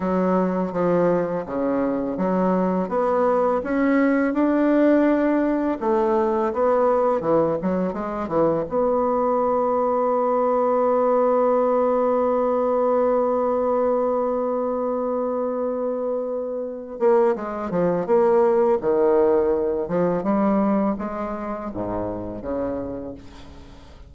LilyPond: \new Staff \with { instrumentName = "bassoon" } { \time 4/4 \tempo 4 = 83 fis4 f4 cis4 fis4 | b4 cis'4 d'2 | a4 b4 e8 fis8 gis8 e8 | b1~ |
b1~ | b2.~ b8 ais8 | gis8 f8 ais4 dis4. f8 | g4 gis4 gis,4 cis4 | }